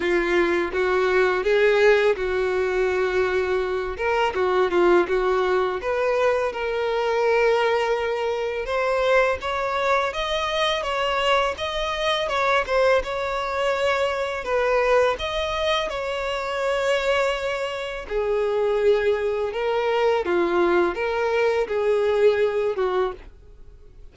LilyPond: \new Staff \with { instrumentName = "violin" } { \time 4/4 \tempo 4 = 83 f'4 fis'4 gis'4 fis'4~ | fis'4. ais'8 fis'8 f'8 fis'4 | b'4 ais'2. | c''4 cis''4 dis''4 cis''4 |
dis''4 cis''8 c''8 cis''2 | b'4 dis''4 cis''2~ | cis''4 gis'2 ais'4 | f'4 ais'4 gis'4. fis'8 | }